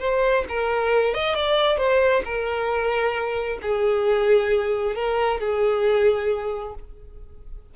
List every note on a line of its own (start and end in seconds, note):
0.00 0.45 C5
0.49 1.14 A#4
1.14 1.35 D#5
1.35 1.78 D5
1.78 2.23 C5
2.25 3.59 A#4
3.62 4.96 G#4
4.96 5.41 A#4
5.41 6.75 G#4